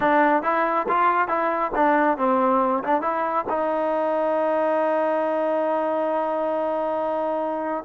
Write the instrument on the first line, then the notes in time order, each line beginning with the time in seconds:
trombone
0.00 D4
0.42 E4
0.88 F4
1.28 E4
1.75 D4
2.17 C4
2.83 D4
3.01 E4
3.49 D#4